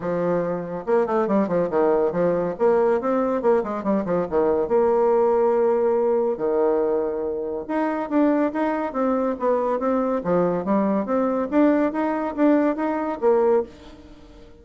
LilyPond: \new Staff \with { instrumentName = "bassoon" } { \time 4/4 \tempo 4 = 141 f2 ais8 a8 g8 f8 | dis4 f4 ais4 c'4 | ais8 gis8 g8 f8 dis4 ais4~ | ais2. dis4~ |
dis2 dis'4 d'4 | dis'4 c'4 b4 c'4 | f4 g4 c'4 d'4 | dis'4 d'4 dis'4 ais4 | }